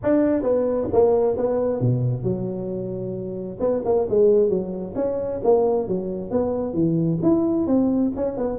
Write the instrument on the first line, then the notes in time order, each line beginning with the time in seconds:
tuba
0.03 D4
0.42 B3
0.92 A#3
1.37 B3
1.80 B2
2.23 F#3
3.59 B3
3.84 A#3
4.09 G#3
4.49 F#3
4.95 C#4
5.43 A#3
5.88 F#3
6.31 B3
6.73 E3
7.22 E4
7.67 C4
8.16 C#4
8.37 B3